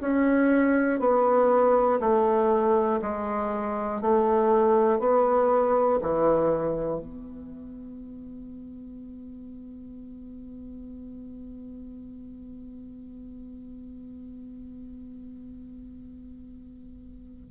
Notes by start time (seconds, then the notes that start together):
0.00 C#4
1.00 B3
2.00 A3
3.01 G#3
4.01 A3
4.99 B3
6.01 E3
7.00 B3